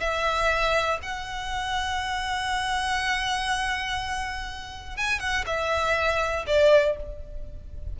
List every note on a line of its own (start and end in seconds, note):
0.00 0.99 E5
1.02 4.97 F#5
4.97 5.20 G#5
5.20 5.44 F#5
5.46 6.45 E5
6.47 6.96 D5